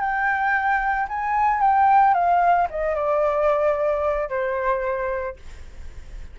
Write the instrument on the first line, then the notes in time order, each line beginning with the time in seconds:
flute
0.00 G5
1.08 G#5
1.60 G5
2.14 F5
2.70 D#5
2.95 D5
4.29 C5